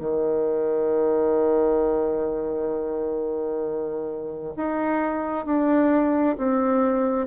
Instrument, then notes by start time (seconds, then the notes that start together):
bassoon
0.00 D#3
4.57 D#4
5.46 D4
6.38 C4